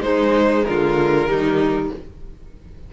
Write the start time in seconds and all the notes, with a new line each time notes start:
0.00 G#3 D#4 C5
0.65 D3 F4 A#4
1.27 D#3 G3 D#4